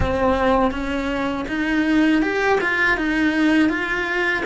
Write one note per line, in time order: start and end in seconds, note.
0.00 0.71 C4
0.71 1.45 C#4
1.48 2.22 D#4
2.22 2.59 G4
2.60 2.97 F4
2.97 3.69 D#4
3.69 4.43 F4